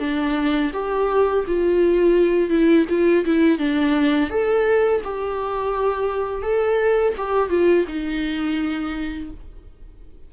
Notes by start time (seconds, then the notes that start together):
0.00 D4
0.74 G4
1.47 F4
2.50 E4
2.89 F4
3.26 E4
3.59 D4
4.30 A4
5.04 G4
6.43 A4
7.18 G4
7.50 F4
7.88 D#4